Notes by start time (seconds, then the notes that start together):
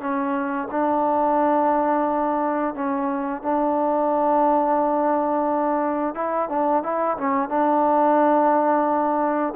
0.00 C#4
0.71 D4
2.74 C#4
3.42 D4
6.15 E4
6.49 D4
6.83 E4
7.17 C#4
7.49 D4